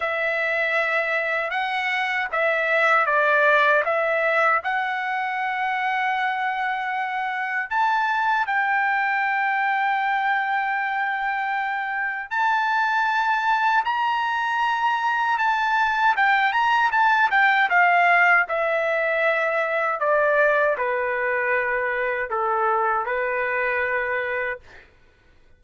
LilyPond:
\new Staff \with { instrumentName = "trumpet" } { \time 4/4 \tempo 4 = 78 e''2 fis''4 e''4 | d''4 e''4 fis''2~ | fis''2 a''4 g''4~ | g''1 |
a''2 ais''2 | a''4 g''8 ais''8 a''8 g''8 f''4 | e''2 d''4 b'4~ | b'4 a'4 b'2 | }